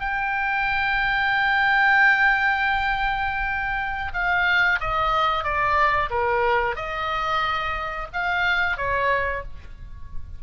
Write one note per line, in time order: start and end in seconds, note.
0.00 4.12 G5
4.14 4.80 F5
4.80 5.44 D#5
5.44 6.10 D5
6.10 6.76 A#4
6.76 8.08 D#5
8.13 8.77 F5
8.77 9.43 C#5